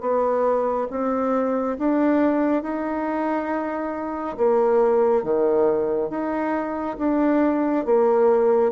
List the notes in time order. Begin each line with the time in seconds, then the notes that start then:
0.00 B3
0.90 C4
1.78 D4
2.62 D#4
4.37 A#3
5.23 D#3
6.09 D#4
6.98 D4
7.85 A#3